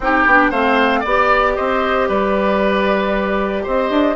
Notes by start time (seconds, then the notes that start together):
0.00 C4 D#4 G4 G5
0.26 B3 D4
0.50 A3 C4 C5 F5
1.00 B3 D5
1.06 G4 D5
1.56 C4 C5 D#5
2.08 G3 B4 D5
3.63 C4 C5 D#5
3.90 D4